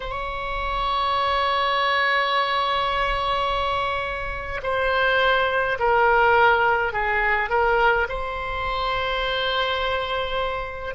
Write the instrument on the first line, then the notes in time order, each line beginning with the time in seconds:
oboe
0.00 C#5
4.62 C5
5.78 A#4
6.92 G#4
7.49 A#4
8.08 C5